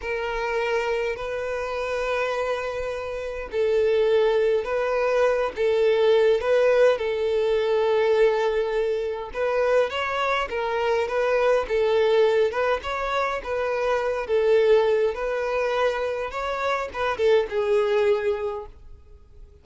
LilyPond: \new Staff \with { instrumentName = "violin" } { \time 4/4 \tempo 4 = 103 ais'2 b'2~ | b'2 a'2 | b'4. a'4. b'4 | a'1 |
b'4 cis''4 ais'4 b'4 | a'4. b'8 cis''4 b'4~ | b'8 a'4. b'2 | cis''4 b'8 a'8 gis'2 | }